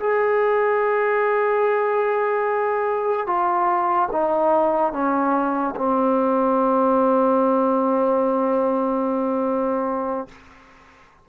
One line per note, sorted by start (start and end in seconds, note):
0.00 3.27 G#4
3.27 4.09 F4
4.12 4.93 D#4
4.93 5.75 C#4
5.76 10.28 C4